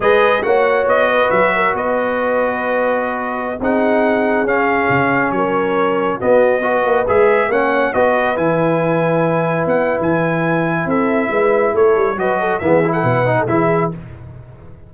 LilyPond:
<<
  \new Staff \with { instrumentName = "trumpet" } { \time 4/4 \tempo 4 = 138 dis''4 fis''4 dis''4 e''4 | dis''1~ | dis''16 fis''2 f''4.~ f''16~ | f''16 cis''2 dis''4.~ dis''16~ |
dis''16 e''4 fis''4 dis''4 gis''8.~ | gis''2~ gis''16 fis''8. gis''4~ | gis''4 e''2 cis''4 | dis''4 e''8. fis''4~ fis''16 e''4 | }
  \new Staff \with { instrumentName = "horn" } { \time 4/4 b'4 cis''4. b'4 ais'8 | b'1~ | b'16 gis'2.~ gis'8.~ | gis'16 ais'2 fis'4 b'8.~ |
b'4~ b'16 cis''4 b'4.~ b'16~ | b'1~ | b'4 a'4 b'4 a'4 | b'8 a'8 gis'8. a'16 b'8. a'16 gis'4 | }
  \new Staff \with { instrumentName = "trombone" } { \time 4/4 gis'4 fis'2.~ | fis'1~ | fis'16 dis'2 cis'4.~ cis'16~ | cis'2~ cis'16 b4 fis'8.~ |
fis'16 gis'4 cis'4 fis'4 e'8.~ | e'1~ | e'1 | fis'4 b8 e'4 dis'8 e'4 | }
  \new Staff \with { instrumentName = "tuba" } { \time 4/4 gis4 ais4 b4 fis4 | b1~ | b16 c'2 cis'4 cis8.~ | cis16 fis2 b4. ais16~ |
ais16 gis4 ais4 b4 e8.~ | e2~ e16 b8. e4~ | e4 c'4 gis4 a8 g8 | fis4 e4 b,4 e4 | }
>>